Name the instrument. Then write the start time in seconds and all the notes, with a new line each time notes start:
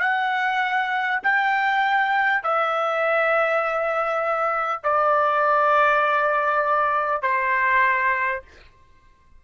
trumpet
0.00 F#5
1.23 G5
2.43 E5
4.83 D5
7.22 C5